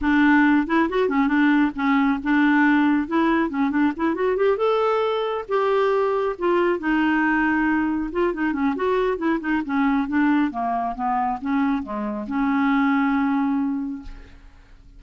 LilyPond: \new Staff \with { instrumentName = "clarinet" } { \time 4/4 \tempo 4 = 137 d'4. e'8 fis'8 cis'8 d'4 | cis'4 d'2 e'4 | cis'8 d'8 e'8 fis'8 g'8 a'4.~ | a'8 g'2 f'4 dis'8~ |
dis'2~ dis'8 f'8 dis'8 cis'8 | fis'4 e'8 dis'8 cis'4 d'4 | ais4 b4 cis'4 gis4 | cis'1 | }